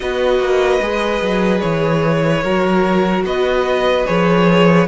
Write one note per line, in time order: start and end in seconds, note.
0.00 0.38 B3
0.00 0.81 F#4
0.00 2.43 B4
0.00 1.60 D#5
0.38 0.79 A#3
0.80 1.21 G#3
0.80 2.43 G#4
1.21 1.62 F#3
1.60 2.43 E3
1.60 3.22 C#5
2.43 3.24 F#3
2.43 4.06 F#4
2.43 3.24 A#4
3.24 4.05 B3
3.24 4.87 B4
3.24 4.06 D#5
4.06 4.87 F3
4.06 4.87 G#4
4.06 4.87 C#5